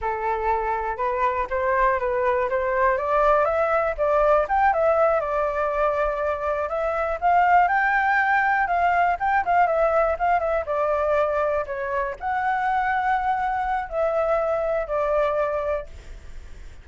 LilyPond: \new Staff \with { instrumentName = "flute" } { \time 4/4 \tempo 4 = 121 a'2 b'4 c''4 | b'4 c''4 d''4 e''4 | d''4 g''8 e''4 d''4.~ | d''4. e''4 f''4 g''8~ |
g''4. f''4 g''8 f''8 e''8~ | e''8 f''8 e''8 d''2 cis''8~ | cis''8 fis''2.~ fis''8 | e''2 d''2 | }